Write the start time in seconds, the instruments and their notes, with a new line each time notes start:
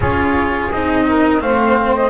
0.00 double bass C#4, cello F4, saxophone G#4, flute C#5
0.71 double bass C4, cello D#4, flute D#5
1.07 saxophone A#4
1.40 double bass A3, cello C4, saxophone C5, flute F5
1.95 flute D#5